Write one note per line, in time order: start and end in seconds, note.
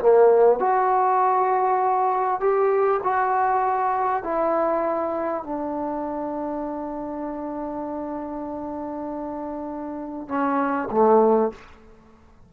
0.00 0.60 A#3
0.60 2.40 F#4
2.40 3.01 G4
3.04 4.24 F#4
4.24 5.44 E4
5.44 10.28 D4
10.28 10.89 C#4
10.91 11.52 A3